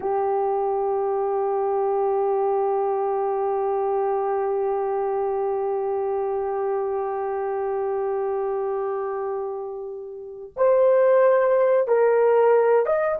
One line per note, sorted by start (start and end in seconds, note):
0.00 10.51 G4
10.56 11.87 C5
11.87 12.86 A#4
12.86 13.19 D#5